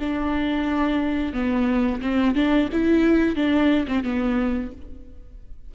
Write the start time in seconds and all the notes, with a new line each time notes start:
0.00 D4
1.34 B3
2.02 C4
2.36 D4
2.73 E4
3.36 D4
3.88 C4
4.04 B3